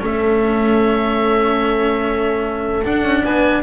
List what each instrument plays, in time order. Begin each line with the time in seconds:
0.00 double bass A3, cello C#4, horn A4, oboe E5
2.84 cello D4, double bass D4, oboe F#5
3.03 double bass C#4
3.25 double bass B3, horn B4, oboe G#5